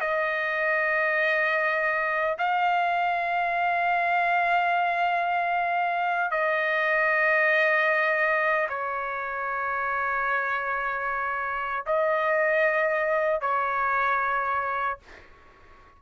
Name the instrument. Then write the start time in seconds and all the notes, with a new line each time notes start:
trumpet
0.00 D#5
2.38 F5
6.31 D#5
8.69 C#5
11.86 D#5
13.41 C#5